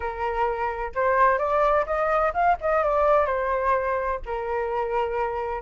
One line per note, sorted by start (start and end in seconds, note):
0.00 0.92 A#4
0.94 1.38 C5
1.38 1.85 D5
1.85 2.32 D#5
2.33 2.57 F5
2.61 2.83 D#5
2.83 3.25 D5
3.25 4.19 C5
4.25 5.61 A#4